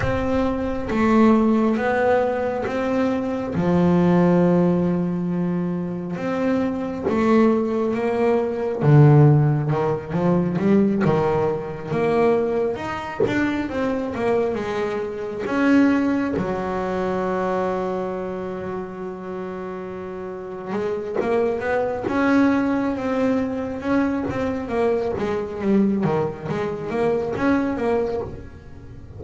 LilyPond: \new Staff \with { instrumentName = "double bass" } { \time 4/4 \tempo 4 = 68 c'4 a4 b4 c'4 | f2. c'4 | a4 ais4 d4 dis8 f8 | g8 dis4 ais4 dis'8 d'8 c'8 |
ais8 gis4 cis'4 fis4.~ | fis2.~ fis8 gis8 | ais8 b8 cis'4 c'4 cis'8 c'8 | ais8 gis8 g8 dis8 gis8 ais8 cis'8 ais8 | }